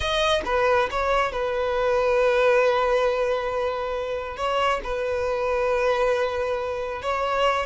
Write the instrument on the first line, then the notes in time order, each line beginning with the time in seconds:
violin
0.00 D#5
0.45 B4
0.90 C#5
1.32 B4
4.37 C#5
4.83 B4
7.02 C#5